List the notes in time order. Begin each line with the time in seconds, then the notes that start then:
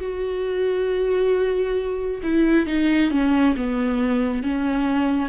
0.00 F#4
2.23 E4
2.66 D#4
3.11 C#4
3.56 B3
4.42 C#4